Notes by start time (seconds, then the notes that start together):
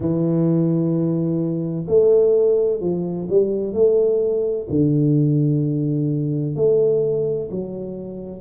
0.00 E3
1.87 A3
2.80 F3
3.29 G3
3.73 A3
4.69 D3
6.55 A3
7.50 F#3